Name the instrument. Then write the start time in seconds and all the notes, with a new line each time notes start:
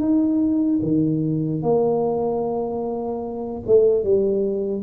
tuba
0.00 D#4
0.83 D#3
1.63 A#3
3.67 A3
4.04 G3